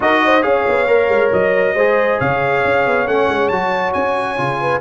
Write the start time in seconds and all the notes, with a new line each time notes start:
0.00 D#4 F#4 A#4 D#5
0.25 C5
0.41 C#4 G#4 C#5 F5
0.67 B3
0.87 A#3 A#4
1.08 G#3
1.32 F#3 D#5
1.74 G#3 G#4 C5
2.18 C#3 C#5 F5
2.64 C#4
2.86 B3
3.06 A3 C#4 F#5
3.28 G#3
3.48 F#3 F#4 A5
3.93 C#4 G#5
4.37 C#3 F4
4.60 B4